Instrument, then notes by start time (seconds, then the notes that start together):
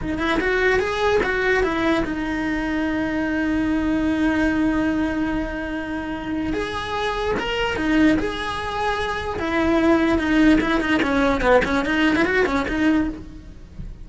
cello
0.01 D#4
0.18 E4
0.40 F#4
0.79 G#4
1.23 F#4
1.63 E4
2.04 D#4
6.53 G#4
7.38 A#4
7.76 D#4
8.18 G#4
9.39 E4
10.18 D#4
10.60 E4
10.80 D#4
11.02 C#4
11.41 B3
11.65 C#4
11.85 D#4
12.15 E4
12.25 F#4
12.46 C#4
12.68 D#4